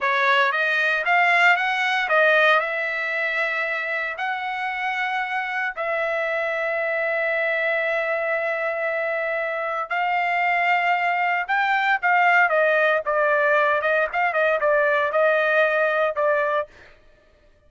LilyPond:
\new Staff \with { instrumentName = "trumpet" } { \time 4/4 \tempo 4 = 115 cis''4 dis''4 f''4 fis''4 | dis''4 e''2. | fis''2. e''4~ | e''1~ |
e''2. f''4~ | f''2 g''4 f''4 | dis''4 d''4. dis''8 f''8 dis''8 | d''4 dis''2 d''4 | }